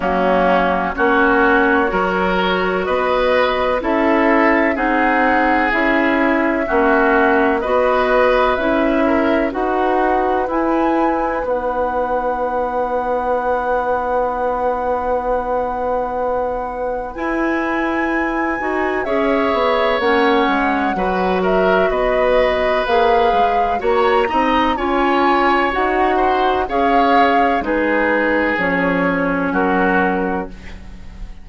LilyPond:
<<
  \new Staff \with { instrumentName = "flute" } { \time 4/4 \tempo 4 = 63 fis'4 cis''2 dis''4 | e''4 fis''4 e''2 | dis''4 e''4 fis''4 gis''4 | fis''1~ |
fis''2 gis''2 | e''4 fis''4. e''8 dis''4 | f''4 ais''4 gis''4 fis''4 | f''4 b'4 cis''4 ais'4 | }
  \new Staff \with { instrumentName = "oboe" } { \time 4/4 cis'4 fis'4 ais'4 b'4 | a'4 gis'2 fis'4 | b'4. ais'8 b'2~ | b'1~ |
b'1 | cis''2 b'8 ais'8 b'4~ | b'4 cis''8 dis''8 cis''4. c''8 | cis''4 gis'2 fis'4 | }
  \new Staff \with { instrumentName = "clarinet" } { \time 4/4 ais4 cis'4 fis'2 | e'4 dis'4 e'4 cis'4 | fis'4 e'4 fis'4 e'4 | dis'1~ |
dis'2 e'4. fis'8 | gis'4 cis'4 fis'2 | gis'4 fis'8 dis'8 f'4 fis'4 | gis'4 dis'4 cis'2 | }
  \new Staff \with { instrumentName = "bassoon" } { \time 4/4 fis4 ais4 fis4 b4 | cis'4 c'4 cis'4 ais4 | b4 cis'4 dis'4 e'4 | b1~ |
b2 e'4. dis'8 | cis'8 b8 ais8 gis8 fis4 b4 | ais8 gis8 ais8 c'8 cis'4 dis'4 | cis'4 gis4 f4 fis4 | }
>>